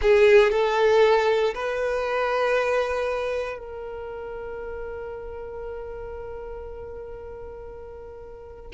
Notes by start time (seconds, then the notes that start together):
0.01 G#4
0.51 A4
1.54 B4
3.58 A#4